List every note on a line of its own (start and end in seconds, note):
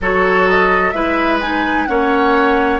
0.01 0.93 F#3
0.01 0.94 F#4
0.01 0.94 A4
0.01 0.48 C#5
0.48 0.90 D#5
0.90 1.87 G#3
0.90 1.41 E4
0.90 1.88 B4
0.90 1.37 E5
1.40 1.87 D#4
1.40 1.85 G#5
1.85 2.80 A#3
1.85 2.80 C#4
1.85 2.80 C#5
1.85 2.79 F#5